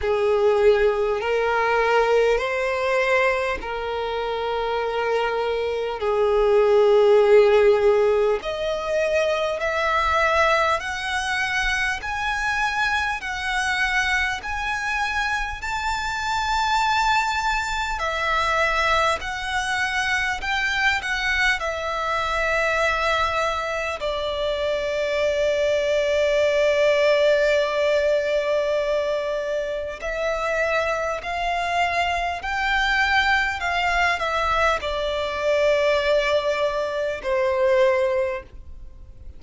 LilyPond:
\new Staff \with { instrumentName = "violin" } { \time 4/4 \tempo 4 = 50 gis'4 ais'4 c''4 ais'4~ | ais'4 gis'2 dis''4 | e''4 fis''4 gis''4 fis''4 | gis''4 a''2 e''4 |
fis''4 g''8 fis''8 e''2 | d''1~ | d''4 e''4 f''4 g''4 | f''8 e''8 d''2 c''4 | }